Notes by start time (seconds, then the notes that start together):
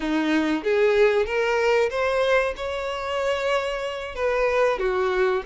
0.00 D#4
0.63 G#4
1.26 A#4
1.90 C5
2.56 C#5
4.15 B4
4.78 F#4